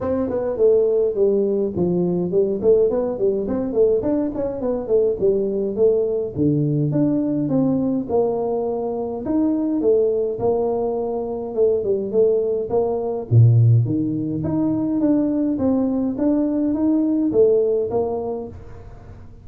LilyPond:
\new Staff \with { instrumentName = "tuba" } { \time 4/4 \tempo 4 = 104 c'8 b8 a4 g4 f4 | g8 a8 b8 g8 c'8 a8 d'8 cis'8 | b8 a8 g4 a4 d4 | d'4 c'4 ais2 |
dis'4 a4 ais2 | a8 g8 a4 ais4 ais,4 | dis4 dis'4 d'4 c'4 | d'4 dis'4 a4 ais4 | }